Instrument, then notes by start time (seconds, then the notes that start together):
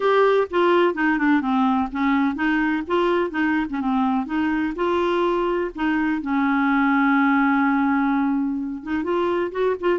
clarinet
0.00 G4
0.50 F4
0.94 D#4
1.18 D4
1.41 C4
1.91 C#4
2.35 D#4
2.87 F4
3.30 D#4
3.69 C#4
3.80 C4
4.26 D#4
4.75 F4
5.75 D#4
6.21 C#4
8.83 D#4
9.03 F4
9.51 F#4
9.80 F4